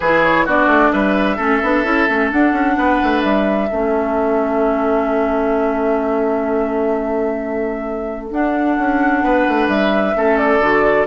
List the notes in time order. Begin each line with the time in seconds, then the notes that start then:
0.00 E3 E4 G#4 B4
0.23 C#5
0.45 B3 D4 F#4 D5
0.66 A3
0.92 G3 B4 E5
1.36 A3 C#4 A4
1.63 B3 D4
1.84 C#4 E4
2.09 A3 C#4
2.30 D4 F#5
2.52 C#4
2.77 B3 B4
3.03 A3
3.20 G3 E5
3.69 A3 C#4 A4
8.31 D4 F#5
8.78 C#4
9.23 B3 B4
9.48 A3
9.67 G3 E5
10.15 A3 C#4 A4
10.37 D5
10.59 D3 F#4